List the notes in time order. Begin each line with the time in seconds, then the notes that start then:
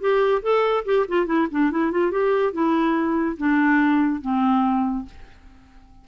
0.00 G4
0.42 A4
0.85 G4
1.08 F4
1.26 E4
1.51 D4
1.71 E4
1.91 F4
2.11 G4
2.53 E4
3.37 D4
4.21 C4